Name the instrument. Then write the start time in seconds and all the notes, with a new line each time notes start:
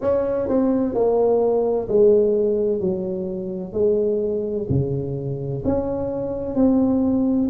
tuba
0.01 C#4
0.48 C4
0.94 A#3
1.88 G#3
2.80 F#3
3.72 G#3
4.69 C#3
5.64 C#4
6.55 C4